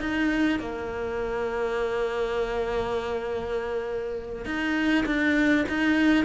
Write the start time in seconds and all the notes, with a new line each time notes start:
0.00 D#4
0.59 A#3
4.46 D#4
5.06 D4
5.69 D#4